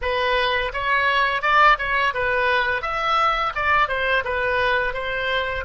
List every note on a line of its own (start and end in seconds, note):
0.01 0.72 B4
0.73 1.42 C#5
1.42 1.77 D5
1.78 2.13 C#5
2.14 2.82 B4
2.82 3.52 E5
3.55 3.88 D5
3.88 4.24 C5
4.24 4.93 B4
4.93 5.64 C5